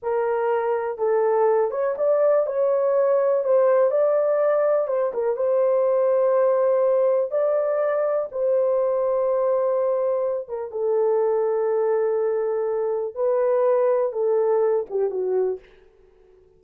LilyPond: \new Staff \with { instrumentName = "horn" } { \time 4/4 \tempo 4 = 123 ais'2 a'4. cis''8 | d''4 cis''2 c''4 | d''2 c''8 ais'8 c''4~ | c''2. d''4~ |
d''4 c''2.~ | c''4. ais'8 a'2~ | a'2. b'4~ | b'4 a'4. g'8 fis'4 | }